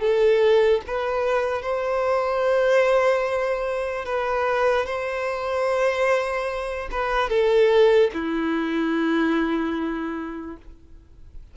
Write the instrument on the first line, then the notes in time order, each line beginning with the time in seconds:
violin
0.00 A4
0.87 B4
1.62 C5
4.05 B4
4.86 C5
6.91 B4
7.29 A4
8.13 E4